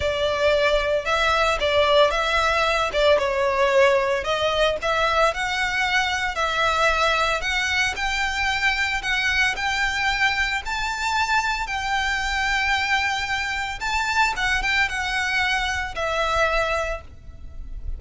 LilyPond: \new Staff \with { instrumentName = "violin" } { \time 4/4 \tempo 4 = 113 d''2 e''4 d''4 | e''4. d''8 cis''2 | dis''4 e''4 fis''2 | e''2 fis''4 g''4~ |
g''4 fis''4 g''2 | a''2 g''2~ | g''2 a''4 fis''8 g''8 | fis''2 e''2 | }